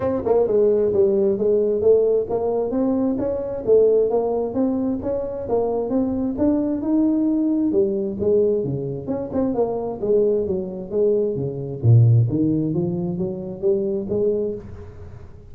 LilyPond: \new Staff \with { instrumentName = "tuba" } { \time 4/4 \tempo 4 = 132 c'8 ais8 gis4 g4 gis4 | a4 ais4 c'4 cis'4 | a4 ais4 c'4 cis'4 | ais4 c'4 d'4 dis'4~ |
dis'4 g4 gis4 cis4 | cis'8 c'8 ais4 gis4 fis4 | gis4 cis4 ais,4 dis4 | f4 fis4 g4 gis4 | }